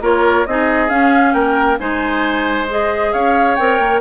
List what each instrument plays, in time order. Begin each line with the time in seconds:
0.00 bassoon A#3, clarinet F4, oboe A#4, flute C#5
0.46 bassoon C4, clarinet D#4, oboe G#4, flute D#5
0.89 clarinet C#4, bassoon C#4, flute F5
1.33 bassoon A#3, oboe A#4, flute G5
1.78 bassoon G#3, clarinet D#4, oboe C5, flute G#5
2.69 clarinet G#4, flute D#5
3.12 bassoon C#4, oboe C#5, flute F5
3.55 bassoon C4, clarinet A#4, flute G5
3.79 bassoon A#3